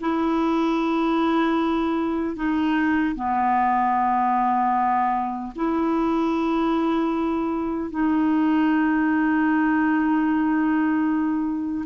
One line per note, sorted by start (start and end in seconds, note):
0.00 2.36 E4
2.36 3.15 D#4
3.15 5.52 B3
5.55 7.90 E4
7.90 11.85 D#4